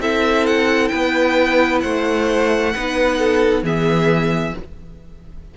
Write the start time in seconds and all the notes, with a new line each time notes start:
0.00 C4 E4 A4 E5
0.47 F#5
0.88 B3 B4 G5
1.81 A3 C5 F#5
2.75 B3 D#4 B4
3.19 A4
3.63 E3 B3 G#4 E5